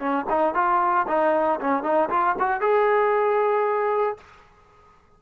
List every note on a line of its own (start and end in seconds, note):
0.00 0.26 C#4
0.30 0.55 D#4
0.55 1.07 F4
1.08 1.60 D#4
1.61 1.84 C#4
1.84 2.10 D#4
2.10 2.36 F4
2.40 2.61 F#4
2.61 4.17 G#4